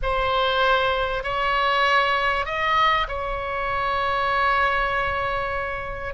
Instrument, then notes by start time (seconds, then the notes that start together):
oboe
0.02 C5
1.23 C#5
2.45 D#5
3.08 C#5